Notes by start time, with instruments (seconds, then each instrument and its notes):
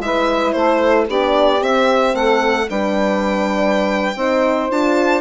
0.00 bassoon G#3, horn E4, saxophone B4, violin E5
0.52 bassoon A3, saxophone A4, violin C5
1.08 bassoon B3, horn D4, saxophone G4, violin D5
1.59 horn C4, bassoon C4, violin E5
2.15 bassoon A3, saxophone A4, violin F#5
2.70 bassoon G3, horn D4, saxophone B4, violin G5
4.16 bassoon C4, horn D#4, saxophone C5
4.71 bassoon D4, horn F4, violin A5